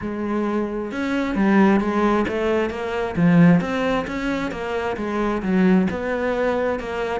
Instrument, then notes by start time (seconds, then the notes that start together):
cello
0.01 G#3
0.91 C#4
1.35 G3
1.80 G#3
2.28 A3
2.70 A#3
3.16 F3
3.60 C4
4.07 C#4
4.51 A#3
4.96 G#3
5.42 F#3
5.90 B3
6.79 A#3